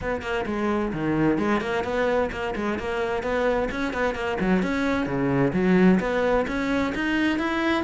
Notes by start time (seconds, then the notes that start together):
0.01 B3
0.22 A#3
0.46 G#3
0.92 D#3
1.38 G#3
1.60 A#3
1.84 B3
2.31 A#3
2.55 G#3
2.78 A#3
3.22 B3
3.71 C#4
3.93 B3
4.14 A#3
4.40 F#3
4.62 C#4
5.06 C#3
5.53 F#3
6.00 B3
6.47 C#4
6.95 D#4
7.38 E4